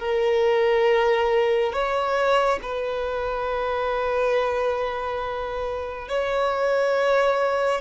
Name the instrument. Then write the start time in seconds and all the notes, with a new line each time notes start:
violin
0.00 A#4
1.73 C#5
2.63 B4
6.09 C#5